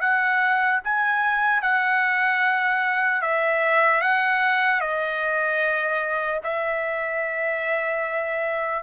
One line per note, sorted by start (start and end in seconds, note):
0.00 0.80 F#5
0.84 1.62 G#5
1.62 3.21 F#5
3.21 4.01 E5
4.01 4.80 F#5
4.80 6.40 D#5
6.43 8.83 E5